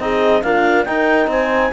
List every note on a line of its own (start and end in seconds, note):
0.00 0.43 C4
0.00 0.44 D#4
0.00 0.45 G#4
0.00 0.43 D#5
0.43 0.86 A#3
0.43 0.88 D4
0.43 0.88 F4
0.43 0.85 F5
0.85 1.72 D#4
0.85 1.28 D#4
0.85 1.31 A#4
0.85 1.28 G5
1.28 1.71 C4
1.28 1.74 C5
1.28 1.74 G#5